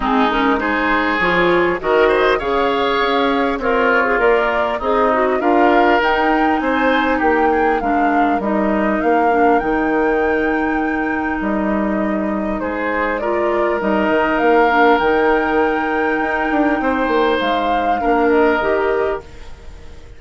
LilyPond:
<<
  \new Staff \with { instrumentName = "flute" } { \time 4/4 \tempo 4 = 100 gis'8 ais'8 c''4 cis''4 dis''4 | f''2 cis''4 d''4 | dis''4 f''4 g''4 gis''4 | g''4 f''4 dis''4 f''4 |
g''2. dis''4~ | dis''4 c''4 d''4 dis''4 | f''4 g''2.~ | g''4 f''4. dis''4. | }
  \new Staff \with { instrumentName = "oboe" } { \time 4/4 dis'4 gis'2 ais'8 c''8 | cis''2 f'2 | dis'4 ais'2 c''4 | g'8 gis'8 ais'2.~ |
ais'1~ | ais'4 gis'4 ais'2~ | ais'1 | c''2 ais'2 | }
  \new Staff \with { instrumentName = "clarinet" } { \time 4/4 c'8 cis'8 dis'4 f'4 fis'4 | gis'2 ais'8. gis'16 ais'4 | gis'8 fis'8 f'4 dis'2~ | dis'4 d'4 dis'4. d'8 |
dis'1~ | dis'2 f'4 dis'4~ | dis'8 d'8 dis'2.~ | dis'2 d'4 g'4 | }
  \new Staff \with { instrumentName = "bassoon" } { \time 4/4 gis2 f4 dis4 | cis4 cis'4 c'4 ais4 | c'4 d'4 dis'4 c'4 | ais4 gis4 g4 ais4 |
dis2. g4~ | g4 gis2 g8 dis8 | ais4 dis2 dis'8 d'8 | c'8 ais8 gis4 ais4 dis4 | }
>>